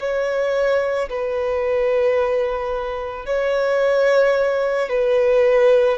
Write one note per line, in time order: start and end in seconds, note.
0.00 1.09 C#5
1.10 3.26 B4
3.26 4.89 C#5
4.89 5.99 B4